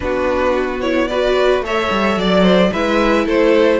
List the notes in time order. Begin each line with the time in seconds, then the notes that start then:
0.00 B3 D4 F#4 B4
0.80 E4 C#5
1.07 F#4 B4 D5
1.60 A3 A4 C#5
1.66 E5
1.90 G3
2.16 F#3 D5
2.42 C5
2.72 G#3 E4 B4 E5
3.25 A3 A4 C5